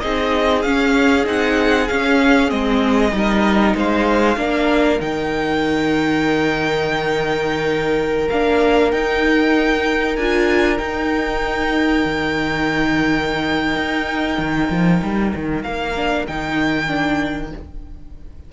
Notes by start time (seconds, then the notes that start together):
0.00 C4 D#4 G#4 D#5
0.62 C#4 F5
1.25 C4 D#4 F#5
1.88 C#4 F5
2.48 G#3 C4 D#5
3.11 G3 D#4
3.17 A#4
3.75 G#3 C5 F5
4.37 A#3 D4 A#4
5.00 D#3 D#4 G5
8.29 A#3 D4 F5
8.91 D#4 G5
10.16 D4 F4 G#5
10.78 D#4 G5
12.05 D#3
13.76 D#4
14.38 D#3
14.70 F3
15.02 G3
15.35 D#3
15.63 A#3 F5
15.96 D4
16.28 D#3 D#4 G5
16.87 D4